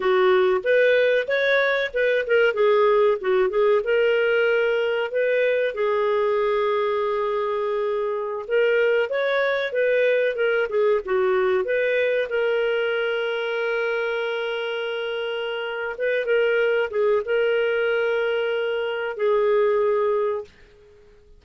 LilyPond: \new Staff \with { instrumentName = "clarinet" } { \time 4/4 \tempo 4 = 94 fis'4 b'4 cis''4 b'8 ais'8 | gis'4 fis'8 gis'8 ais'2 | b'4 gis'2.~ | gis'4~ gis'16 ais'4 cis''4 b'8.~ |
b'16 ais'8 gis'8 fis'4 b'4 ais'8.~ | ais'1~ | ais'4 b'8 ais'4 gis'8 ais'4~ | ais'2 gis'2 | }